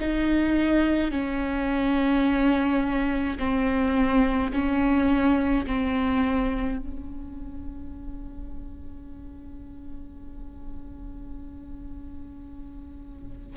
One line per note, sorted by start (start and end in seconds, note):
0.00 1.11 D#4
1.11 3.38 C#4
3.39 4.52 C4
4.52 5.66 C#4
5.67 6.78 C4
6.78 13.56 C#4